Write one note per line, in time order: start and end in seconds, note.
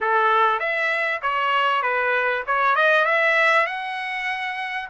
0.00 0.59 A4
0.59 1.21 E5
1.22 1.82 C#5
1.82 2.43 B4
2.46 2.75 C#5
2.75 3.05 D#5
3.05 3.66 E5
3.66 4.88 F#5